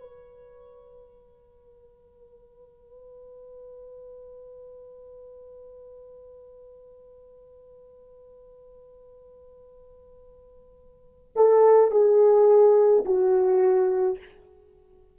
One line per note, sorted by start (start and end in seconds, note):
0.00 11.32 B4
11.36 11.91 A4
11.91 13.04 G#4
13.05 14.18 F#4